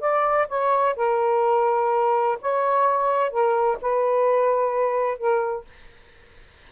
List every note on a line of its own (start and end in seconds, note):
0.00 0.47 D5
0.48 0.96 C#5
0.96 2.38 A#4
2.42 3.31 C#5
3.31 3.78 A#4
3.81 5.18 B4
5.18 5.65 A#4